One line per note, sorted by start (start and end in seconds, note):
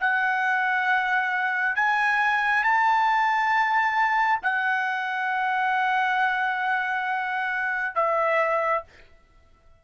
0.00 1.76 F#5
1.76 2.64 G#5
2.64 4.40 A5
4.42 7.95 F#5
7.95 8.84 E5